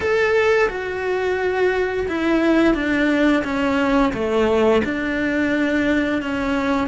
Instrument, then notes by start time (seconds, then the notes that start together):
cello
0.00 A4
0.69 F#4
2.08 E4
2.74 D4
3.44 C#4
4.13 A3
4.84 D4
6.21 C#4